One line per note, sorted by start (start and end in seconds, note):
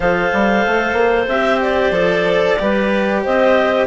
0.00 0.30 F3
0.00 1.30 A4
0.00 2.58 C5
0.00 1.24 F5
0.32 0.65 G3
0.66 0.93 A3
0.93 1.25 A#3
1.28 1.90 C4
1.28 1.92 G4
1.28 1.60 E5
1.61 3.22 D5
1.90 2.55 F3
1.90 2.57 A4
2.59 3.25 G3
2.59 3.86 G4
2.59 3.22 B4
3.22 3.86 C4
3.22 3.86 C5
3.22 3.86 D#5